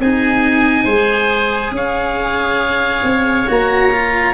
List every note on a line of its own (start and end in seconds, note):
0.00 0.86 C4
0.00 0.89 D#4
0.00 0.84 G#4
0.00 1.75 G#5
0.84 1.72 G#3
0.84 3.48 G#4
0.84 1.71 C5
1.72 3.02 C#4
1.72 4.34 C#5
1.72 3.51 F5
3.03 3.47 C4
3.48 4.34 A#3
3.48 3.92 F#4
3.48 4.34 A#5
3.93 4.34 F4